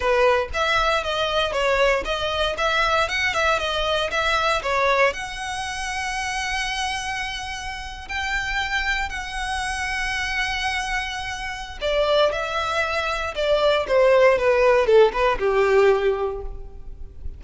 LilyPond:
\new Staff \with { instrumentName = "violin" } { \time 4/4 \tempo 4 = 117 b'4 e''4 dis''4 cis''4 | dis''4 e''4 fis''8 e''8 dis''4 | e''4 cis''4 fis''2~ | fis''2.~ fis''8. g''16~ |
g''4.~ g''16 fis''2~ fis''16~ | fis''2. d''4 | e''2 d''4 c''4 | b'4 a'8 b'8 g'2 | }